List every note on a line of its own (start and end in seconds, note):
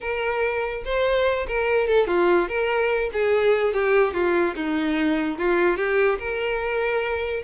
0.00 0.83 A#4
0.84 1.47 C5
1.47 1.87 A#4
1.87 2.07 A4
2.07 2.48 F4
2.48 3.10 A#4
3.12 3.73 G#4
3.73 4.13 G4
4.13 4.54 F4
4.55 5.38 D#4
5.38 5.76 F4
5.76 6.18 G4
6.18 7.43 A#4